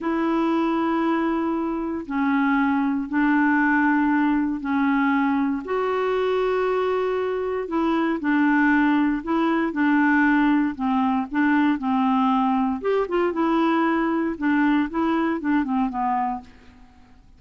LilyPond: \new Staff \with { instrumentName = "clarinet" } { \time 4/4 \tempo 4 = 117 e'1 | cis'2 d'2~ | d'4 cis'2 fis'4~ | fis'2. e'4 |
d'2 e'4 d'4~ | d'4 c'4 d'4 c'4~ | c'4 g'8 f'8 e'2 | d'4 e'4 d'8 c'8 b4 | }